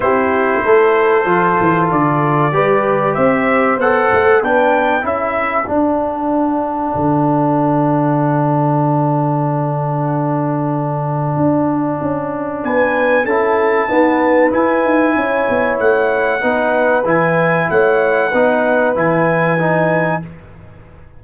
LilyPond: <<
  \new Staff \with { instrumentName = "trumpet" } { \time 4/4 \tempo 4 = 95 c''2. d''4~ | d''4 e''4 fis''4 g''4 | e''4 fis''2.~ | fis''1~ |
fis''1 | gis''4 a''2 gis''4~ | gis''4 fis''2 gis''4 | fis''2 gis''2 | }
  \new Staff \with { instrumentName = "horn" } { \time 4/4 g'4 a'2. | b'4 c''2 b'4 | a'1~ | a'1~ |
a'1 | b'4 a'4 b'2 | cis''2 b'2 | cis''4 b'2. | }
  \new Staff \with { instrumentName = "trombone" } { \time 4/4 e'2 f'2 | g'2 a'4 d'4 | e'4 d'2.~ | d'1~ |
d'1~ | d'4 e'4 b4 e'4~ | e'2 dis'4 e'4~ | e'4 dis'4 e'4 dis'4 | }
  \new Staff \with { instrumentName = "tuba" } { \time 4/4 c'4 a4 f8 e8 d4 | g4 c'4 b8 a8 b4 | cis'4 d'2 d4~ | d1~ |
d2 d'4 cis'4 | b4 cis'4 dis'4 e'8 dis'8 | cis'8 b8 a4 b4 e4 | a4 b4 e2 | }
>>